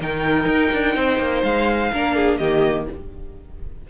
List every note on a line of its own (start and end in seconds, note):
0.00 0.45 D#3
0.00 1.92 D#4
0.00 0.96 A#4
0.00 1.43 G5
0.45 0.69 D#4
0.72 0.95 D4
0.95 1.18 C4
0.95 1.92 C5
1.18 1.42 A#3
1.43 1.91 G#3
1.43 2.37 F5
1.92 2.39 A#3
1.92 2.41 D4
1.92 2.15 A#4
2.15 2.39 G#4
2.37 2.87 D#3
2.37 2.89 A#3
2.37 2.87 G4
2.37 2.85 D#5